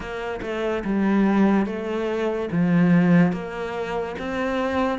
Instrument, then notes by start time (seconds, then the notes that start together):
cello
0.00 A#3
0.42 A3
0.84 G3
1.66 A3
2.51 F3
3.32 A#3
4.19 C4